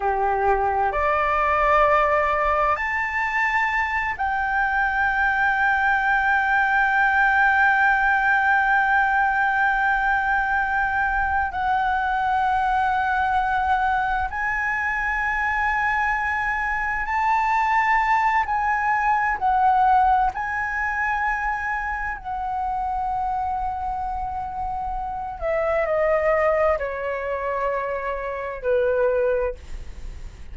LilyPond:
\new Staff \with { instrumentName = "flute" } { \time 4/4 \tempo 4 = 65 g'4 d''2 a''4~ | a''8 g''2.~ g''8~ | g''1~ | g''8 fis''2. gis''8~ |
gis''2~ gis''8 a''4. | gis''4 fis''4 gis''2 | fis''2.~ fis''8 e''8 | dis''4 cis''2 b'4 | }